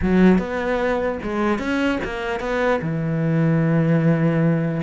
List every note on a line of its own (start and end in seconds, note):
0.02 0.38 F#3
0.38 1.18 B3
1.22 1.58 G#3
1.58 1.98 C#4
2.03 2.40 A#3
2.40 2.80 B3
2.81 4.81 E3